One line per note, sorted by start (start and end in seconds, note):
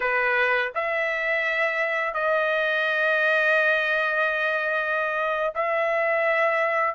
0.00 0.71 B4
0.74 2.14 E5
2.14 5.53 D#5
5.55 6.94 E5